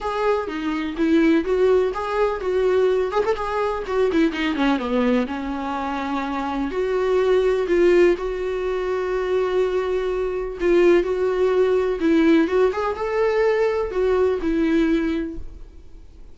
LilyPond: \new Staff \with { instrumentName = "viola" } { \time 4/4 \tempo 4 = 125 gis'4 dis'4 e'4 fis'4 | gis'4 fis'4. gis'16 a'16 gis'4 | fis'8 e'8 dis'8 cis'8 b4 cis'4~ | cis'2 fis'2 |
f'4 fis'2.~ | fis'2 f'4 fis'4~ | fis'4 e'4 fis'8 gis'8 a'4~ | a'4 fis'4 e'2 | }